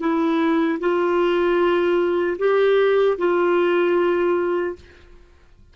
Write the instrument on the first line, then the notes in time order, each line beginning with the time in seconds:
clarinet
0.00 E4
0.80 F4
2.39 G4
3.18 F4